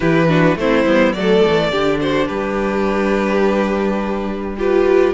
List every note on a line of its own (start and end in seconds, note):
0.00 0.56 E3
0.00 0.27 E4
0.00 0.28 G4
0.00 0.57 B4
0.27 0.56 D4
0.27 0.57 F#4
0.56 0.84 A3
0.56 0.86 C4
0.56 1.17 E4
0.56 1.12 C5
0.85 1.13 G3
0.85 1.15 B3
1.12 1.42 F#3
1.12 1.71 A3
1.12 1.71 A4
1.12 1.98 D5
1.46 1.71 E3
1.71 2.28 D3
1.71 4.57 D4
1.71 2.00 G4
2.01 2.27 F#4
2.01 2.27 C5
2.27 5.14 G3
2.27 4.55 G4
2.27 4.56 B4
4.57 5.14 F4
4.57 5.14 G4
4.57 5.14 B4